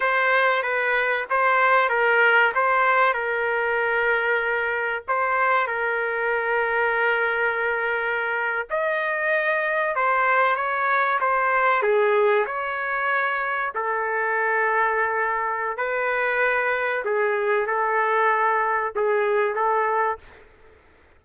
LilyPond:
\new Staff \with { instrumentName = "trumpet" } { \time 4/4 \tempo 4 = 95 c''4 b'4 c''4 ais'4 | c''4 ais'2. | c''4 ais'2.~ | ais'4.~ ais'16 dis''2 c''16~ |
c''8. cis''4 c''4 gis'4 cis''16~ | cis''4.~ cis''16 a'2~ a'16~ | a'4 b'2 gis'4 | a'2 gis'4 a'4 | }